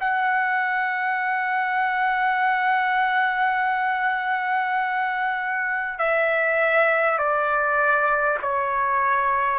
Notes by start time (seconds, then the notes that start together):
0.00 F#5
5.98 E5
7.18 D5
8.42 C#5